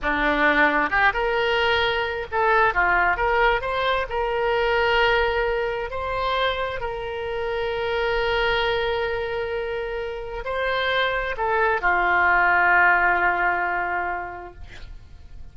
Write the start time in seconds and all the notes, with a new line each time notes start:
0.01 D4
0.90 G4
1.13 A#4
2.31 A4
2.74 F4
3.16 A#4
3.61 C5
4.09 A#4
5.90 C5
6.80 A#4
10.44 C5
11.37 A4
11.81 F4